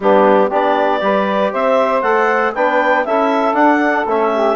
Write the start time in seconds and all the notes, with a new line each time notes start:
0.00 G3 B3 D4 G4
0.48 B3 D4 G4 D5
0.99 G3 G4 B4
1.52 C4 C5 E5
2.01 A3 A4 F#5
2.54 B3 D4 B4 G5
3.05 C#4 E4 A4 E5
3.53 D4 F#5
4.06 A3 C#4 E5
4.32 G4